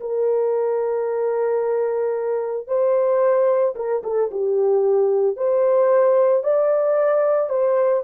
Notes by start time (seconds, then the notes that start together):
0.00 A#4
2.67 C5
3.75 A#4
4.03 A4
4.31 G4
5.36 C5
6.43 D5
7.49 C5